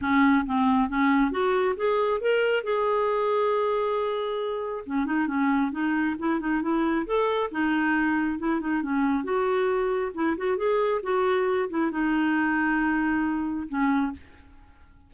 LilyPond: \new Staff \with { instrumentName = "clarinet" } { \time 4/4 \tempo 4 = 136 cis'4 c'4 cis'4 fis'4 | gis'4 ais'4 gis'2~ | gis'2. cis'8 dis'8 | cis'4 dis'4 e'8 dis'8 e'4 |
a'4 dis'2 e'8 dis'8 | cis'4 fis'2 e'8 fis'8 | gis'4 fis'4. e'8 dis'4~ | dis'2. cis'4 | }